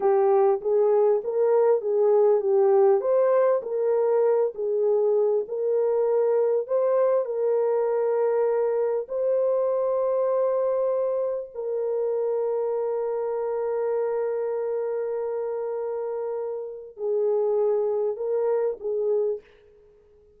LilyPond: \new Staff \with { instrumentName = "horn" } { \time 4/4 \tempo 4 = 99 g'4 gis'4 ais'4 gis'4 | g'4 c''4 ais'4. gis'8~ | gis'4 ais'2 c''4 | ais'2. c''4~ |
c''2. ais'4~ | ais'1~ | ais'1 | gis'2 ais'4 gis'4 | }